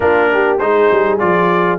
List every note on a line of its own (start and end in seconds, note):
0.00 0.60 A#3
0.00 0.59 D4
0.00 0.31 F4
0.00 0.57 A#4
0.33 0.62 G4
0.58 0.90 G#3
0.58 1.19 D#4
0.58 1.79 G#4
0.58 1.18 C5
0.91 1.21 G3
1.19 1.79 F3
1.19 1.79 F4
1.19 1.79 D5